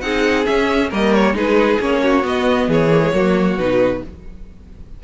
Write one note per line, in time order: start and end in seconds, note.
0.00 0.46 C4
0.00 0.44 D#4
0.00 0.89 G#4
0.00 0.44 F#5
0.44 0.89 C#4
0.44 0.92 C#4
0.44 0.90 E5
0.89 1.34 G3
0.89 1.34 A#3
0.89 1.34 A#4
0.89 1.14 D#5
1.14 1.36 C#5
1.34 1.78 G#3
1.34 1.78 D#4
1.34 2.02 G#4
1.34 1.81 B4
1.80 2.24 A#3
1.80 2.22 C#4
1.80 2.26 C#5
2.02 2.68 F#4
2.22 2.89 B3
2.22 2.67 B3
2.22 2.71 D#5
2.67 3.12 E3
2.67 3.12 G#4
2.67 3.58 C#5
2.90 3.01 A#3
3.01 3.12 G#3
3.13 3.56 F#3
3.13 3.58 A#3
3.13 4.03 F#4
3.56 4.01 B2
3.56 4.03 D#4
3.56 4.03 B4